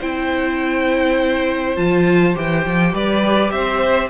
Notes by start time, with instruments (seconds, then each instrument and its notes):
0.00 cello C4, viola E4, violin C5 G5
1.76 cello F3, viola F4, violin A5
2.35 cello E3, viola G4, violin G5
2.66 cello F3
2.93 cello G3, violin B4 D5
3.51 cello C4, violin C5 E5